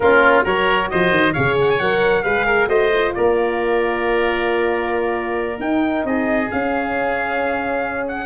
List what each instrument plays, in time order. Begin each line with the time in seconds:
0.00 tuba A#3, horn C#4, oboe F4, trumpet A#4
0.42 tuba F#3, horn F#4, oboe A#4, trumpet C#5
0.90 tuba F3, oboe C5, trumpet D#5
1.10 tuba D#3
1.33 tuba C#3, horn G#4, oboe C#5, trumpet F5
1.60 trumpet F#5
1.69 trumpet G#5
1.79 tuba F#3, horn A#4, trumpet F#5
2.23 tuba G#3, horn G#4, oboe B4, trumpet F5
2.46 oboe A#4
2.67 tuba A3, horn F#4, oboe C5, trumpet D#5
2.94 horn F4
3.14 tuba A#3, oboe A#4, trumpet D5
5.57 horn D#4, tuba D#4, trumpet G5
6.04 tuba C4, oboe G#4, trumpet D#5
6.50 horn C#4, tuba C#4, trumpet F5
8.08 trumpet F#5